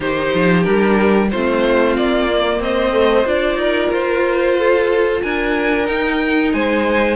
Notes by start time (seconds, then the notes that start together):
0.00 D#3 D#4 G4 C5
0.34 F3
0.63 G3 D4 A#4
1.30 A3 C4 F4 C5
1.96 A#3 D5
2.29 A#3
2.59 C4 C5 D#5
2.92 A3
3.25 D4 F4 D5
3.55 D#4 A#4
3.91 F4 C5
4.58 A4
5.21 D4 A#4 G#5
5.84 D#4 G5
6.52 G#3 C5 G#5